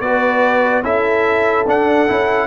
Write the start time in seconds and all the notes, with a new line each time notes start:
0.00 B3 F#4 B4 D5
0.83 C#4 E4 A4 E5
1.67 D4 F#5
2.08 C#4 E4